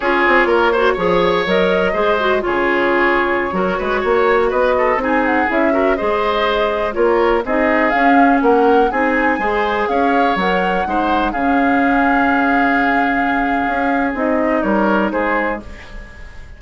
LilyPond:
<<
  \new Staff \with { instrumentName = "flute" } { \time 4/4 \tempo 4 = 123 cis''2. dis''4~ | dis''4 cis''2.~ | cis''4~ cis''16 dis''4 gis''8 fis''8 e''8.~ | e''16 dis''2 cis''4 dis''8.~ |
dis''16 f''4 fis''4 gis''4.~ gis''16~ | gis''16 f''4 fis''2 f''8.~ | f''1~ | f''4 dis''4 cis''4 c''4 | }
  \new Staff \with { instrumentName = "oboe" } { \time 4/4 gis'4 ais'8 c''8 cis''2 | c''4 gis'2~ gis'16 ais'8 b'16~ | b'16 cis''4 b'8 a'8 gis'4. ais'16~ | ais'16 c''2 ais'4 gis'8.~ |
gis'4~ gis'16 ais'4 gis'4 c''8.~ | c''16 cis''2 c''4 gis'8.~ | gis'1~ | gis'2 ais'4 gis'4 | }
  \new Staff \with { instrumentName = "clarinet" } { \time 4/4 f'4. fis'8 gis'4 ais'4 | gis'8 fis'8 f'2~ f'16 fis'8.~ | fis'2~ fis'16 dis'4 e'8 fis'16~ | fis'16 gis'2 f'4 dis'8.~ |
dis'16 cis'2 dis'4 gis'8.~ | gis'4~ gis'16 ais'4 dis'4 cis'8.~ | cis'1~ | cis'4 dis'2. | }
  \new Staff \with { instrumentName = "bassoon" } { \time 4/4 cis'8 c'8 ais4 f4 fis4 | gis4 cis2~ cis16 fis8 gis16~ | gis16 ais4 b4 c'4 cis'8.~ | cis'16 gis2 ais4 c'8.~ |
c'16 cis'4 ais4 c'4 gis8.~ | gis16 cis'4 fis4 gis4 cis8.~ | cis1 | cis'4 c'4 g4 gis4 | }
>>